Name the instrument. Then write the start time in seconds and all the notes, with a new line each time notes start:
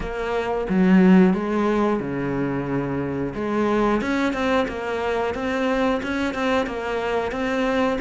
cello
0.00 A#3
0.69 F#3
1.33 G#3
2.00 C#3
3.35 G#3
4.01 C#4
4.33 C4
4.68 A#3
5.34 C4
6.02 C#4
6.33 C4
6.66 A#3
7.31 C4